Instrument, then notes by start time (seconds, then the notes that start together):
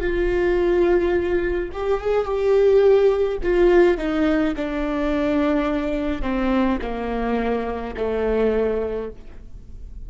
viola
0.00 F4
1.72 G4
2.01 G#4
2.25 G4
3.43 F4
3.98 D#4
4.56 D4
6.22 C4
6.82 A#3
7.97 A3